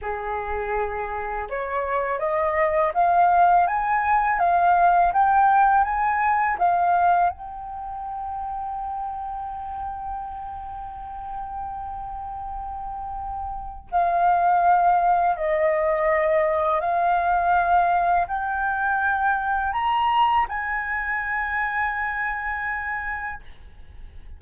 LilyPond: \new Staff \with { instrumentName = "flute" } { \time 4/4 \tempo 4 = 82 gis'2 cis''4 dis''4 | f''4 gis''4 f''4 g''4 | gis''4 f''4 g''2~ | g''1~ |
g''2. f''4~ | f''4 dis''2 f''4~ | f''4 g''2 ais''4 | gis''1 | }